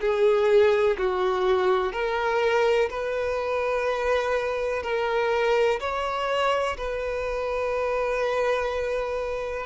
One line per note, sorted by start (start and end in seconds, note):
0.00 0.97 G#4
0.97 1.92 F#4
1.92 2.89 A#4
2.90 4.83 B4
4.83 5.79 A#4
5.80 6.77 C#5
6.77 9.66 B4